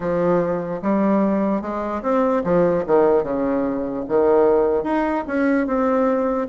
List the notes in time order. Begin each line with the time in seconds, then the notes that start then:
0.00 F3
0.81 G3
1.61 G#3
2.02 C4
2.43 F3
2.86 D#3
3.23 C#3
4.08 D#3
4.83 D#4
5.27 C#4
5.66 C4